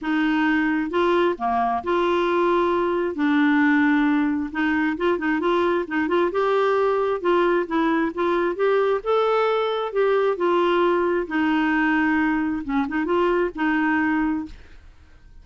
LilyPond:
\new Staff \with { instrumentName = "clarinet" } { \time 4/4 \tempo 4 = 133 dis'2 f'4 ais4 | f'2. d'4~ | d'2 dis'4 f'8 dis'8 | f'4 dis'8 f'8 g'2 |
f'4 e'4 f'4 g'4 | a'2 g'4 f'4~ | f'4 dis'2. | cis'8 dis'8 f'4 dis'2 | }